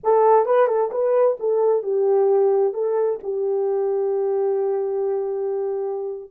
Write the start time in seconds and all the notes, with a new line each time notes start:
0.03 A4
0.45 B4
0.67 A4
0.91 B4
1.39 A4
1.82 G4
2.73 A4
3.23 G4